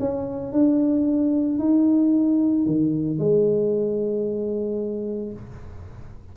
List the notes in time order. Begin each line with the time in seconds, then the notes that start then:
0.00 C#4
0.53 D4
1.59 D#4
2.66 D#3
3.19 G#3